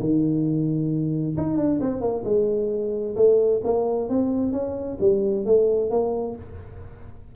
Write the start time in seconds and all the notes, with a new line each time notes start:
0.00 D#3
1.37 D#4
1.57 D4
1.80 C4
2.01 A#3
2.24 G#3
3.15 A3
3.64 A#3
4.09 C4
4.52 C#4
5.00 G3
5.45 A3
5.90 A#3